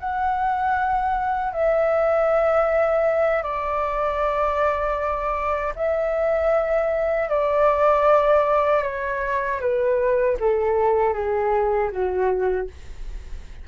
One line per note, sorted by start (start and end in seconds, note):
0.00 1.53 F#5
1.53 3.43 E5
3.43 5.74 D5
5.76 7.30 E5
7.30 8.83 D5
8.83 9.60 C#5
9.60 10.37 B4
10.40 11.14 A4
11.14 11.91 G#4
11.91 12.68 F#4